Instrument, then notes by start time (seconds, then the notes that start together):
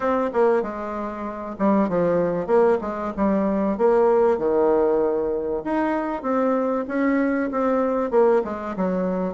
bassoon
0.00 C4
0.33 A#3
0.62 G#3
1.59 G3
1.89 F3
2.47 A#3
2.81 G#3
3.16 G3
3.77 A#3
4.38 D#3
5.64 D#4
6.22 C4
6.88 C#4
7.51 C4
8.11 A#3
8.44 G#3
8.76 F#3